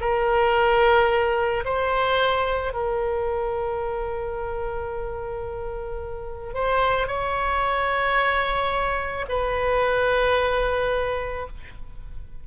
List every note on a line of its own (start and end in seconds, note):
0.00 1.64 A#4
1.65 2.73 C5
2.73 6.54 A#4
6.54 7.07 C5
7.07 9.25 C#5
9.29 11.47 B4